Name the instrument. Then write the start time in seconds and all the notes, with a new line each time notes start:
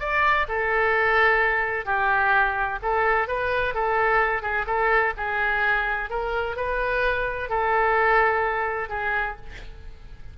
oboe
0.00 D5
0.48 A4
1.86 G4
2.82 A4
3.28 B4
3.74 A4
4.42 G#4
4.67 A4
5.17 G#4
6.10 A#4
6.56 B4
7.49 A4
8.89 G#4